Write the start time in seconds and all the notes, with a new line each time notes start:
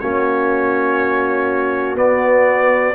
0.00 A#3 C#4 F#4 C#5
1.95 B3 D5